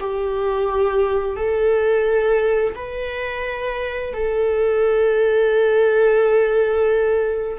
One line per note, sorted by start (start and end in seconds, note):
0.00 1.36 G4
1.36 2.74 A4
2.76 4.13 B4
4.13 7.58 A4